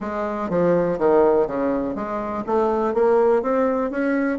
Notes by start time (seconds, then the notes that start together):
0.00 G#3
0.49 F3
0.98 D#3
1.47 C#3
1.95 G#3
2.46 A3
2.94 A#3
3.42 C4
3.90 C#4